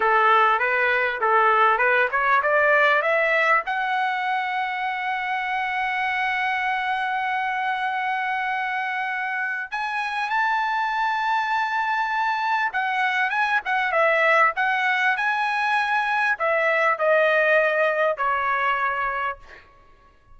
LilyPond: \new Staff \with { instrumentName = "trumpet" } { \time 4/4 \tempo 4 = 99 a'4 b'4 a'4 b'8 cis''8 | d''4 e''4 fis''2~ | fis''1~ | fis''1 |
gis''4 a''2.~ | a''4 fis''4 gis''8 fis''8 e''4 | fis''4 gis''2 e''4 | dis''2 cis''2 | }